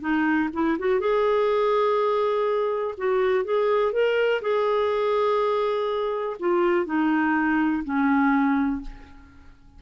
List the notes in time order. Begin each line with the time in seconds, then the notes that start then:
0.00 D#4
0.53 E4
0.78 F#4
0.99 G#4
2.97 F#4
3.44 G#4
3.92 A#4
4.41 G#4
6.39 F4
6.85 D#4
7.84 C#4